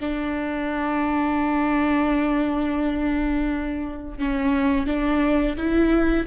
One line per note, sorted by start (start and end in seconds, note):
0.00 4.18 D4
4.18 4.86 C#4
4.86 5.56 D4
5.57 6.26 E4